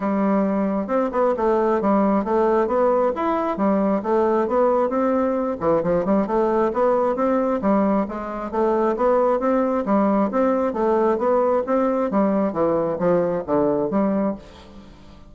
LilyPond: \new Staff \with { instrumentName = "bassoon" } { \time 4/4 \tempo 4 = 134 g2 c'8 b8 a4 | g4 a4 b4 e'4 | g4 a4 b4 c'4~ | c'8 e8 f8 g8 a4 b4 |
c'4 g4 gis4 a4 | b4 c'4 g4 c'4 | a4 b4 c'4 g4 | e4 f4 d4 g4 | }